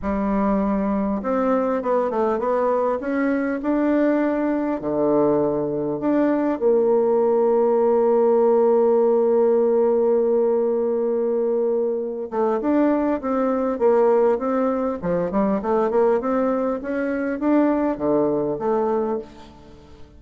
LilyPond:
\new Staff \with { instrumentName = "bassoon" } { \time 4/4 \tempo 4 = 100 g2 c'4 b8 a8 | b4 cis'4 d'2 | d2 d'4 ais4~ | ais1~ |
ais1~ | ais8 a8 d'4 c'4 ais4 | c'4 f8 g8 a8 ais8 c'4 | cis'4 d'4 d4 a4 | }